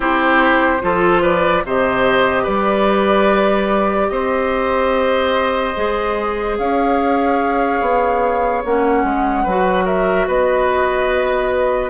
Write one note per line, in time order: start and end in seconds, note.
0.00 0.81 C4
0.00 0.79 E4
0.00 0.82 G4
0.00 1.23 C5
0.81 1.64 F3
0.81 1.63 F4
0.81 1.22 A4
1.22 1.63 B4
1.22 1.64 D5
1.64 2.46 C3
1.64 5.76 G4
1.64 2.43 C5
1.64 2.45 D#5
2.43 4.10 G3
2.43 4.07 B4
2.43 4.09 D5
4.09 5.74 C4
4.09 6.58 C5
4.09 6.56 D#5
5.76 6.58 G#3
5.76 8.63 G#4
6.58 7.81 C#4
6.58 9.43 C#5
6.58 8.63 F5
7.81 8.63 B3
8.64 9.03 A#3
8.64 9.47 C#4
8.64 9.86 F#5
9.03 9.44 G#3
9.43 10.27 F#3
9.43 11.90 F#4
9.43 9.84 B4
9.85 10.26 A#4
9.85 10.27 E5
10.27 11.90 B3
10.27 11.90 B4
10.27 11.90 D#5